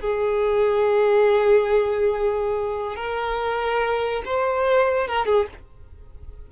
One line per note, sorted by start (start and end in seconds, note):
0.00 2.96 G#4
2.96 4.23 A#4
4.25 5.07 C5
5.07 5.25 A#4
5.25 5.46 G#4